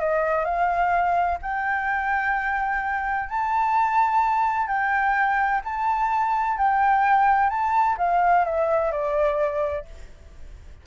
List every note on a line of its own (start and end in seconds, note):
0.00 0.45 D#5
0.45 1.39 F5
1.42 3.30 G5
3.30 4.68 A5
4.68 5.61 G5
5.65 6.58 A5
6.58 7.50 G5
7.50 7.96 A5
7.98 8.45 F5
8.45 8.92 E5
8.92 9.85 D5